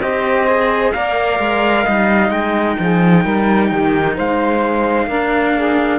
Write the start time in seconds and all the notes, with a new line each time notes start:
0.00 C4 G4 C5 D#5
0.48 G#4
0.93 A#3 A#4 D5 F5
1.40 G#3
1.84 G3 D#4 D#5
2.30 G#3 G5
2.80 F3 G#4
3.24 G3 A#4
3.69 D#3 G4
4.16 G#3 C5 F5
5.07 A#3 D4 A#4
5.55 G#4